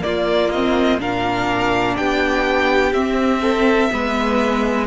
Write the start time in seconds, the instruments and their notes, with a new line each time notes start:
0.00 viola A#3, cello A#3, violin F4 D5
0.51 viola C4, violin D#5
0.98 cello A#2, viola D4, violin A#4 F5
1.97 cello B3, violin G4 G5
2.93 cello C4, viola C4, violin E5
3.42 violin A4
3.91 cello G#3, viola B3, violin B4